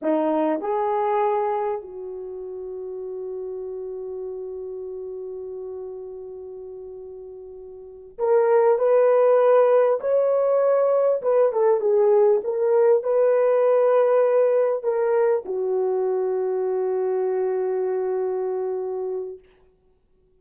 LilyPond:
\new Staff \with { instrumentName = "horn" } { \time 4/4 \tempo 4 = 99 dis'4 gis'2 fis'4~ | fis'1~ | fis'1~ | fis'4. ais'4 b'4.~ |
b'8 cis''2 b'8 a'8 gis'8~ | gis'8 ais'4 b'2~ b'8~ | b'8 ais'4 fis'2~ fis'8~ | fis'1 | }